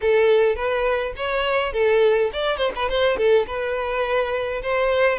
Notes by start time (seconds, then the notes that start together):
0.01 A4
0.55 B4
1.16 C#5
1.73 A4
2.32 D5
2.57 C5
2.75 B4
2.89 C5
3.17 A4
3.46 B4
4.62 C5